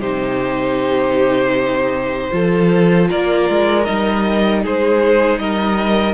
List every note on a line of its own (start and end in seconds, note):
0.00 2.31 C3
0.00 2.31 D#4
0.00 2.31 G4
0.00 3.09 C5
2.31 3.10 F3
2.31 3.85 F4
2.31 3.09 A4
3.09 3.49 A#3
3.09 4.63 A#4
3.09 3.85 D5
3.49 3.88 G#3
3.85 4.66 G3
3.85 6.14 D#4
3.85 4.62 D#5
4.63 5.39 G#3
4.63 5.40 G#4
4.63 5.39 C5
5.39 6.14 G3
5.39 6.14 A#4
5.39 6.14 D#5